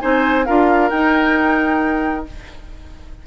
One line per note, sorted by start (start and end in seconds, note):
0.00 0.48 C4
0.00 0.45 D#4
0.00 0.46 C5
0.00 0.45 G#5
0.45 0.91 D4
0.45 0.91 F4
0.45 2.26 A#4
0.45 0.90 F5
0.90 2.27 D#4
0.90 2.25 G5